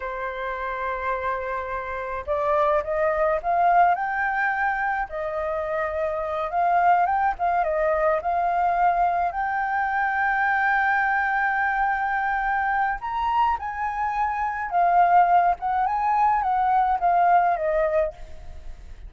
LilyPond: \new Staff \with { instrumentName = "flute" } { \time 4/4 \tempo 4 = 106 c''1 | d''4 dis''4 f''4 g''4~ | g''4 dis''2~ dis''8 f''8~ | f''8 g''8 f''8 dis''4 f''4.~ |
f''8 g''2.~ g''8~ | g''2. ais''4 | gis''2 f''4. fis''8 | gis''4 fis''4 f''4 dis''4 | }